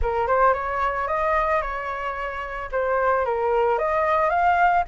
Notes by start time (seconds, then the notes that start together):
0.01 A#4
0.27 C5
0.53 C#5
1.07 D#5
1.61 C#5
2.71 C5
3.25 A#4
3.78 D#5
4.29 F5